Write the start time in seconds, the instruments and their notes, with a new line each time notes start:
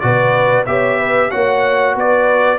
0.00 tuba B2, trombone F#4, horn B4, trumpet D5
0.66 tuba B3, trombone G4, horn C#5, trumpet E5
0.98 horn B4
1.31 tuba A#3, trombone F#4, horn C#5, trumpet F#5
1.95 tuba B3, horn B4, trumpet D5